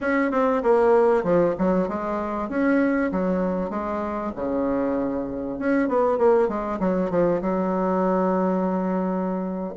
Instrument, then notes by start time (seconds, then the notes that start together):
bassoon
0.01 C#4
0.31 C4
0.62 A#3
1.23 F3
1.58 F#3
1.88 G#3
2.49 C#4
3.11 F#3
3.70 G#3
4.35 C#3
5.58 C#4
5.88 B3
6.18 A#3
6.48 G#3
6.79 F#3
7.10 F3
7.41 F#3